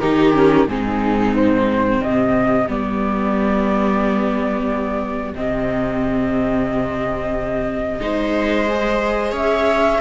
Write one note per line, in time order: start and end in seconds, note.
0.00 0.68 D#3
0.00 0.33 D#4
0.00 0.68 G4
0.00 0.67 A#4
0.33 0.67 C#4
0.68 2.01 G#2
0.68 2.68 C4
0.68 2.03 D#4
0.68 1.34 G#4
1.36 2.02 C5
2.02 2.68 C3
2.02 8.03 G4
2.02 2.69 D#5
2.68 5.34 G3
2.68 5.35 B3
2.68 5.35 D5
5.34 8.00 C3
5.34 8.01 C4
5.34 9.35 D#5
8.00 9.33 G#3
8.00 8.67 D#4
8.00 9.33 C5
8.70 10.01 G#4
9.33 9.99 C#4
9.33 10.00 C#5
9.33 10.01 E5